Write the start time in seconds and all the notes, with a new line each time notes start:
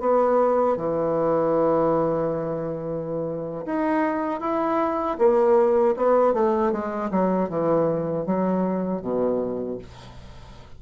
0.00 B3
0.77 E3
3.66 D#4
4.41 E4
5.19 A#3
5.97 B3
6.34 A3
6.72 G#3
7.11 F#3
7.49 E3
8.26 F#3
9.01 B2